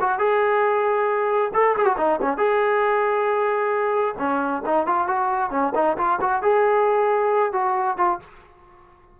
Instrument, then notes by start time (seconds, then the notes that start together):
trombone
0.00 F#4
0.18 G#4
1.53 A4
1.77 G#4
1.85 F#4
1.97 D#4
2.21 C#4
2.37 G#4
4.18 C#4
4.65 D#4
4.86 F4
5.07 F#4
5.50 C#4
5.74 D#4
5.97 F4
6.20 F#4
6.42 G#4
7.52 F#4
7.97 F4